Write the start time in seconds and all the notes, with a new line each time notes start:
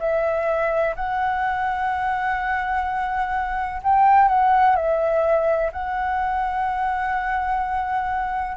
0.00 E5
0.96 F#5
3.84 G5
4.29 F#5
4.76 E5
5.72 F#5